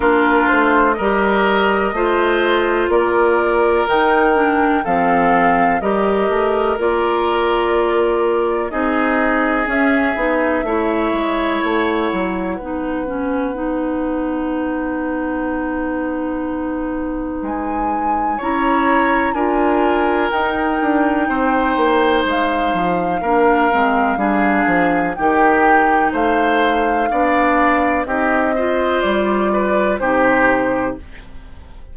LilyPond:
<<
  \new Staff \with { instrumentName = "flute" } { \time 4/4 \tempo 4 = 62 ais'8 c''8 dis''2 d''4 | g''4 f''4 dis''4 d''4~ | d''4 dis''4 e''2 | fis''1~ |
fis''2 gis''4 ais''4 | gis''4 g''2 f''4~ | f''2 g''4 f''4~ | f''4 dis''4 d''4 c''4 | }
  \new Staff \with { instrumentName = "oboe" } { \time 4/4 f'4 ais'4 c''4 ais'4~ | ais'4 a'4 ais'2~ | ais'4 gis'2 cis''4~ | cis''4 b'2.~ |
b'2. cis''4 | ais'2 c''2 | ais'4 gis'4 g'4 c''4 | d''4 g'8 c''4 b'8 g'4 | }
  \new Staff \with { instrumentName = "clarinet" } { \time 4/4 d'4 g'4 f'2 | dis'8 d'8 c'4 g'4 f'4~ | f'4 dis'4 cis'8 dis'8 e'4~ | e'4 dis'8 cis'8 dis'2~ |
dis'2. e'4 | f'4 dis'2. | d'8 c'8 d'4 dis'2 | d'4 dis'8 f'4. dis'4 | }
  \new Staff \with { instrumentName = "bassoon" } { \time 4/4 ais8 a8 g4 a4 ais4 | dis4 f4 g8 a8 ais4~ | ais4 c'4 cis'8 b8 a8 gis8 | a8 fis8 b2.~ |
b2 gis4 cis'4 | d'4 dis'8 d'8 c'8 ais8 gis8 f8 | ais8 gis8 g8 f8 dis4 a4 | b4 c'4 g4 c4 | }
>>